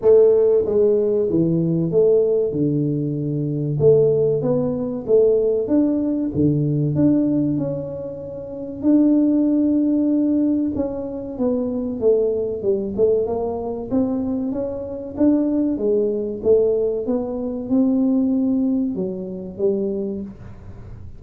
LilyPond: \new Staff \with { instrumentName = "tuba" } { \time 4/4 \tempo 4 = 95 a4 gis4 e4 a4 | d2 a4 b4 | a4 d'4 d4 d'4 | cis'2 d'2~ |
d'4 cis'4 b4 a4 | g8 a8 ais4 c'4 cis'4 | d'4 gis4 a4 b4 | c'2 fis4 g4 | }